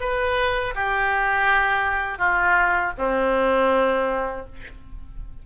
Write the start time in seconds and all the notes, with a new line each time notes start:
0.00 B4
0.75 G4
2.18 F4
2.98 C4